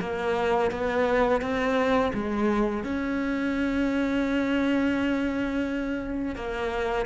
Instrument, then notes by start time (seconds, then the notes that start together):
cello
0.00 A#3
0.71 B3
1.41 C4
2.13 G#3
2.84 C#4
6.35 A#3